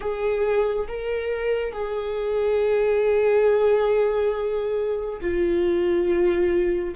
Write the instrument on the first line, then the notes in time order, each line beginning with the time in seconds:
viola
0.00 G#4
0.87 A#4
1.72 G#4
5.20 F4